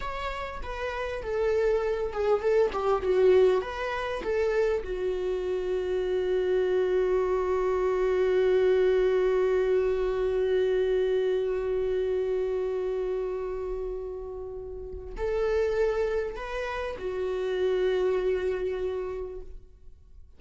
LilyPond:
\new Staff \with { instrumentName = "viola" } { \time 4/4 \tempo 4 = 99 cis''4 b'4 a'4. gis'8 | a'8 g'8 fis'4 b'4 a'4 | fis'1~ | fis'1~ |
fis'1~ | fis'1~ | fis'4 a'2 b'4 | fis'1 | }